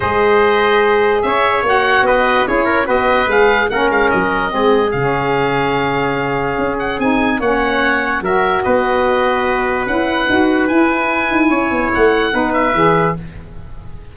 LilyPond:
<<
  \new Staff \with { instrumentName = "oboe" } { \time 4/4 \tempo 4 = 146 dis''2. e''4 | fis''4 dis''4 cis''4 dis''4 | f''4 fis''8 f''8 dis''2 | f''1~ |
f''8 fis''8 gis''4 fis''2 | e''4 dis''2. | fis''2 gis''2~ | gis''4 fis''4. e''4. | }
  \new Staff \with { instrumentName = "trumpet" } { \time 4/4 c''2. cis''4~ | cis''4 b'4 gis'8 ais'8 b'4~ | b'4 ais'2 gis'4~ | gis'1~ |
gis'2 cis''2 | ais'4 b'2.~ | b'1 | cis''2 b'2 | }
  \new Staff \with { instrumentName = "saxophone" } { \time 4/4 gis'1 | fis'2 e'4 fis'4 | gis'4 cis'2 c'4 | cis'1~ |
cis'4 dis'4 cis'2 | fis'1 | e'4 fis'4 e'2~ | e'2 dis'4 gis'4 | }
  \new Staff \with { instrumentName = "tuba" } { \time 4/4 gis2. cis'4 | ais4 b4 cis'4 b4 | gis4 ais8 gis8 fis4 gis4 | cis1 |
cis'4 c'4 ais2 | fis4 b2. | cis'4 dis'4 e'4. dis'8 | cis'8 b8 a4 b4 e4 | }
>>